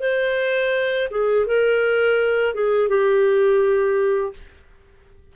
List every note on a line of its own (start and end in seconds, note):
0.00 1.08 C5
1.11 1.47 G#4
1.47 2.54 A#4
2.54 2.88 G#4
2.88 4.33 G4